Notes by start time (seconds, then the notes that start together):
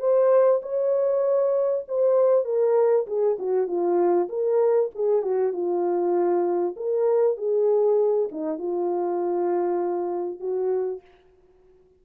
0.00 C5
0.63 C#5
1.88 C5
2.45 A#4
3.07 G#4
3.39 F#4
3.67 F4
4.29 A#4
4.95 G#4
5.22 F#4
5.53 F4
6.77 A#4
7.37 G#4
8.32 D#4
8.59 F4
10.40 F#4